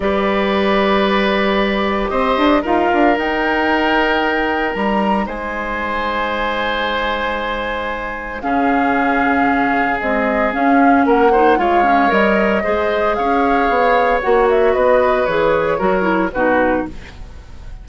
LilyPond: <<
  \new Staff \with { instrumentName = "flute" } { \time 4/4 \tempo 4 = 114 d''1 | dis''4 f''4 g''2~ | g''4 ais''4 gis''2~ | gis''1 |
f''2. dis''4 | f''4 fis''4 f''4 dis''4~ | dis''4 f''2 fis''8 e''8 | dis''4 cis''2 b'4 | }
  \new Staff \with { instrumentName = "oboe" } { \time 4/4 b'1 | c''4 ais'2.~ | ais'2 c''2~ | c''1 |
gis'1~ | gis'4 ais'8 c''8 cis''2 | c''4 cis''2. | b'2 ais'4 fis'4 | }
  \new Staff \with { instrumentName = "clarinet" } { \time 4/4 g'1~ | g'4 f'4 dis'2~ | dis'1~ | dis'1 |
cis'2. gis4 | cis'4. dis'8 f'8 cis'8 ais'4 | gis'2. fis'4~ | fis'4 gis'4 fis'8 e'8 dis'4 | }
  \new Staff \with { instrumentName = "bassoon" } { \time 4/4 g1 | c'8 d'8 dis'8 d'8 dis'2~ | dis'4 g4 gis2~ | gis1 |
cis2. c'4 | cis'4 ais4 gis4 g4 | gis4 cis'4 b4 ais4 | b4 e4 fis4 b,4 | }
>>